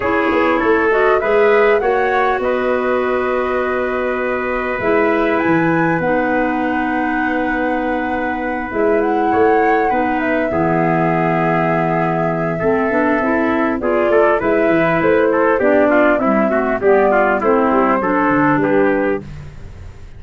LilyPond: <<
  \new Staff \with { instrumentName = "flute" } { \time 4/4 \tempo 4 = 100 cis''4. dis''8 e''4 fis''4 | dis''1 | e''4 gis''4 fis''2~ | fis''2~ fis''8 e''8 fis''4~ |
fis''4 e''2.~ | e''2. d''4 | e''4 c''4 d''4 e''4 | d''4 c''2 b'4 | }
  \new Staff \with { instrumentName = "trumpet" } { \time 4/4 gis'4 a'4 b'4 cis''4 | b'1~ | b'1~ | b'2.~ b'8 cis''8~ |
cis''8 b'4 gis'2~ gis'8~ | gis'4 a'2 gis'8 a'8 | b'4. a'8 g'8 f'8 e'8 fis'8 | g'8 f'8 e'4 a'4 g'4 | }
  \new Staff \with { instrumentName = "clarinet" } { \time 4/4 e'4. fis'8 gis'4 fis'4~ | fis'1 | e'2 dis'2~ | dis'2~ dis'8 e'4.~ |
e'8 dis'4 b2~ b8~ | b4 c'8 d'8 e'4 f'4 | e'2 d'4 g8 a8 | b4 c'4 d'2 | }
  \new Staff \with { instrumentName = "tuba" } { \time 4/4 cis'8 b8 a4 gis4 ais4 | b1 | gis4 e4 b2~ | b2~ b8 gis4 a8~ |
a8 b4 e2~ e8~ | e4 a8 b8 c'4 b8 a8 | gis8 e8 a4 b4 c'4 | g4 a8 g8 fis8 d8 g4 | }
>>